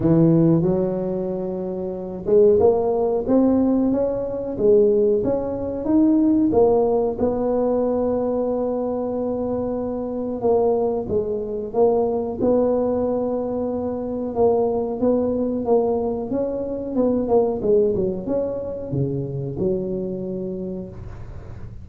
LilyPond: \new Staff \with { instrumentName = "tuba" } { \time 4/4 \tempo 4 = 92 e4 fis2~ fis8 gis8 | ais4 c'4 cis'4 gis4 | cis'4 dis'4 ais4 b4~ | b1 |
ais4 gis4 ais4 b4~ | b2 ais4 b4 | ais4 cis'4 b8 ais8 gis8 fis8 | cis'4 cis4 fis2 | }